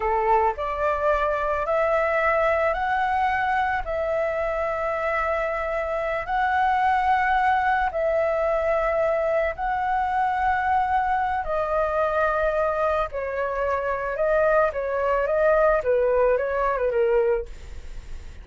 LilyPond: \new Staff \with { instrumentName = "flute" } { \time 4/4 \tempo 4 = 110 a'4 d''2 e''4~ | e''4 fis''2 e''4~ | e''2.~ e''8 fis''8~ | fis''2~ fis''8 e''4.~ |
e''4. fis''2~ fis''8~ | fis''4 dis''2. | cis''2 dis''4 cis''4 | dis''4 b'4 cis''8. b'16 ais'4 | }